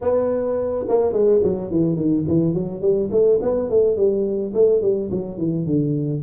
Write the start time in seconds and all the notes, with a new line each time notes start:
0.01 B3
0.88 A#3
1.12 G#3
1.43 F#3
1.71 E3
1.96 D#3
2.27 E3
2.54 F#3
2.81 G3
3.11 A3
3.41 B3
3.69 A3
3.96 G3
4.54 A3
4.81 G3
5.11 F#3
5.37 E3
5.66 D3